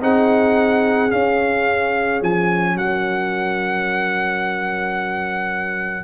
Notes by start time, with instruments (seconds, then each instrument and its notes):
0.00 tuba C4, trombone D#4, horn G#4, trumpet F#5
1.09 trombone C#4, tuba C#4, trumpet F5
2.21 tuba F3, trumpet G#5
2.75 tuba F#3, horn A#4, trumpet F#5